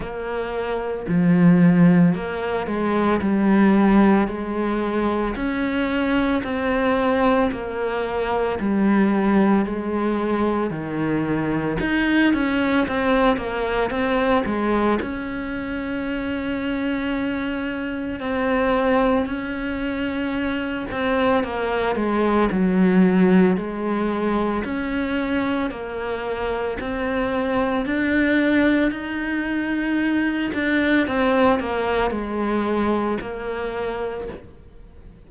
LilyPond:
\new Staff \with { instrumentName = "cello" } { \time 4/4 \tempo 4 = 56 ais4 f4 ais8 gis8 g4 | gis4 cis'4 c'4 ais4 | g4 gis4 dis4 dis'8 cis'8 | c'8 ais8 c'8 gis8 cis'2~ |
cis'4 c'4 cis'4. c'8 | ais8 gis8 fis4 gis4 cis'4 | ais4 c'4 d'4 dis'4~ | dis'8 d'8 c'8 ais8 gis4 ais4 | }